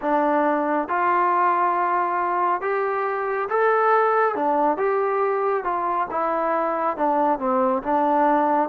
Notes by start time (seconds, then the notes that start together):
0.01 D4
0.88 F4
2.61 G4
3.49 A4
4.35 D4
4.77 G4
5.63 F4
6.11 E4
6.96 D4
7.38 C4
7.82 D4